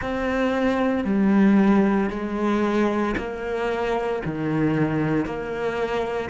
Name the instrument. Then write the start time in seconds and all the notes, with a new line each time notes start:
cello
0.01 C4
1.04 G3
2.10 G#3
3.17 A#3
4.25 D#3
5.25 A#3